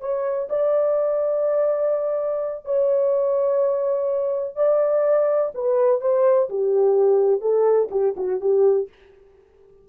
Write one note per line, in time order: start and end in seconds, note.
0.00 0.48 C#5
0.49 2.65 D5
2.65 4.55 C#5
4.55 5.51 D5
5.54 6.01 B4
6.01 6.49 C5
6.49 7.41 G4
7.41 7.89 A4
7.91 8.15 G4
8.16 8.40 F#4
8.40 8.88 G4